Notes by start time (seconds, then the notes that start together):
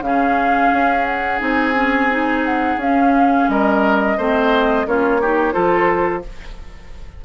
0.00 C#3 C#4 G#4 F5
0.72 C#4
1.04 F#5
1.38 C4 D#4
1.45 G#5
1.75 C#4
2.10 D#4
2.45 F#5
2.77 C#4 F5
3.48 G3 A#4 D#5
4.17 A3 C4 C5
4.86 A#3 C#4 F4 C#5
5.21 D#4 G4
5.52 F3 F4 A4 C5